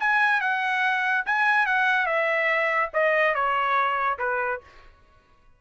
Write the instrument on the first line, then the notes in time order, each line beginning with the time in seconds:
trumpet
0.00 G#5
0.41 F#5
1.26 G#5
1.66 F#5
2.06 E5
2.94 D#5
3.35 C#5
4.19 B4